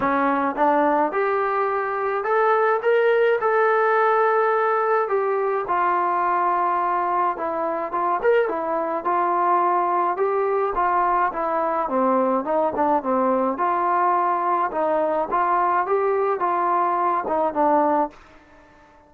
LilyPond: \new Staff \with { instrumentName = "trombone" } { \time 4/4 \tempo 4 = 106 cis'4 d'4 g'2 | a'4 ais'4 a'2~ | a'4 g'4 f'2~ | f'4 e'4 f'8 ais'8 e'4 |
f'2 g'4 f'4 | e'4 c'4 dis'8 d'8 c'4 | f'2 dis'4 f'4 | g'4 f'4. dis'8 d'4 | }